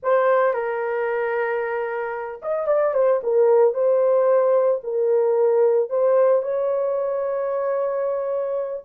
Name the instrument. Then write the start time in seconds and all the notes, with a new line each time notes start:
horn
0.02 C5
0.53 A#4
2.42 D#5
2.67 D5
2.94 C5
3.23 A#4
3.74 C5
4.83 A#4
5.89 C5
6.42 C#5